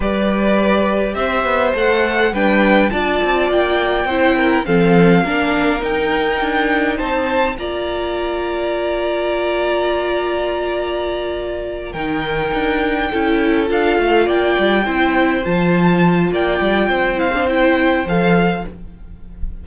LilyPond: <<
  \new Staff \with { instrumentName = "violin" } { \time 4/4 \tempo 4 = 103 d''2 e''4 fis''4 | g''4 a''4 g''2 | f''2 g''2 | a''4 ais''2.~ |
ais''1~ | ais''8 g''2. f''8~ | f''8 g''2 a''4. | g''4. f''8 g''4 f''4 | }
  \new Staff \with { instrumentName = "violin" } { \time 4/4 b'2 c''2 | b'4 d''2 c''8 ais'8 | a'4 ais'2. | c''4 d''2.~ |
d''1~ | d''8 ais'2 a'4.~ | a'8 d''4 c''2~ c''8 | d''4 c''2. | }
  \new Staff \with { instrumentName = "viola" } { \time 4/4 g'2. a'4 | d'4 f'2 e'4 | c'4 d'4 dis'2~ | dis'4 f'2.~ |
f'1~ | f'8 dis'2 e'4 f'8~ | f'4. e'4 f'4.~ | f'4. e'16 d'16 e'4 a'4 | }
  \new Staff \with { instrumentName = "cello" } { \time 4/4 g2 c'8 b8 a4 | g4 d'8 c'8 ais4 c'4 | f4 ais4 dis'4 d'4 | c'4 ais2.~ |
ais1~ | ais8 dis4 d'4 cis'4 d'8 | a8 ais8 g8 c'4 f4. | ais8 g8 c'2 f4 | }
>>